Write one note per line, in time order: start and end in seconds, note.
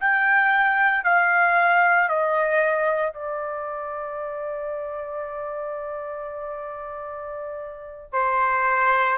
0.00 1.04 G5
1.04 2.09 F5
2.09 3.13 D#5
3.13 8.12 D5
8.12 9.18 C5